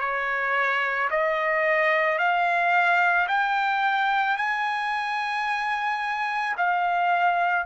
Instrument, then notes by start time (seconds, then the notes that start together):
trumpet
0.00 C#5
1.11 D#5
2.18 F5
3.28 G5
4.37 G#5
6.58 F5